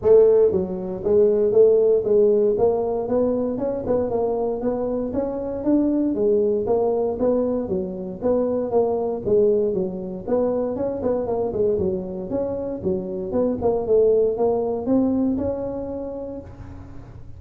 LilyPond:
\new Staff \with { instrumentName = "tuba" } { \time 4/4 \tempo 4 = 117 a4 fis4 gis4 a4 | gis4 ais4 b4 cis'8 b8 | ais4 b4 cis'4 d'4 | gis4 ais4 b4 fis4 |
b4 ais4 gis4 fis4 | b4 cis'8 b8 ais8 gis8 fis4 | cis'4 fis4 b8 ais8 a4 | ais4 c'4 cis'2 | }